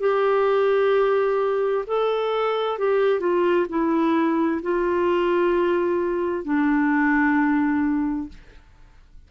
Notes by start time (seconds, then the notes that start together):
0.00 G4
1.87 A4
2.79 G4
3.20 F4
3.69 E4
4.62 F4
6.44 D4